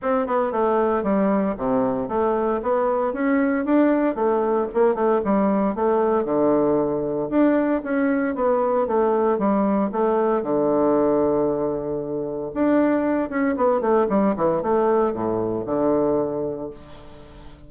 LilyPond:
\new Staff \with { instrumentName = "bassoon" } { \time 4/4 \tempo 4 = 115 c'8 b8 a4 g4 c4 | a4 b4 cis'4 d'4 | a4 ais8 a8 g4 a4 | d2 d'4 cis'4 |
b4 a4 g4 a4 | d1 | d'4. cis'8 b8 a8 g8 e8 | a4 a,4 d2 | }